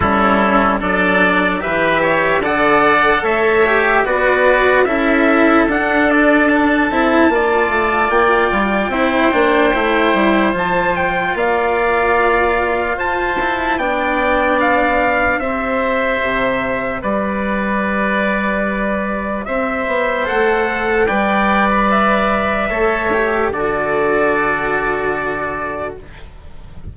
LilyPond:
<<
  \new Staff \with { instrumentName = "trumpet" } { \time 4/4 \tempo 4 = 74 a'4 d''4 e''4 fis''4 | e''4 d''4 e''4 fis''8 d''8 | a''2 g''2~ | g''4 a''8 g''8 f''2 |
a''4 g''4 f''4 e''4~ | e''4 d''2. | e''4 fis''4 g''8. b''16 e''4~ | e''4 d''2. | }
  \new Staff \with { instrumentName = "oboe" } { \time 4/4 e'4 a'4 b'8 cis''8 d''4 | cis''4 b'4 a'2~ | a'4 d''2 c''4~ | c''2 d''2 |
c''4 d''2 c''4~ | c''4 b'2. | c''2 d''2 | cis''4 a'2. | }
  \new Staff \with { instrumentName = "cello" } { \time 4/4 cis'4 d'4 g'4 a'4~ | a'8 g'8 fis'4 e'4 d'4~ | d'8 e'8 f'2 e'8 d'8 | e'4 f'2.~ |
f'8 e'8 d'2 g'4~ | g'1~ | g'4 a'4 b'2 | a'8 g'8 fis'2. | }
  \new Staff \with { instrumentName = "bassoon" } { \time 4/4 g4 fis4 e4 d4 | a4 b4 cis'4 d'4~ | d'8 c'8 ais8 a8 ais8 g8 c'8 ais8 | a8 g8 f4 ais2 |
f'4 b2 c'4 | c4 g2. | c'8 b8 a4 g2 | a4 d2. | }
>>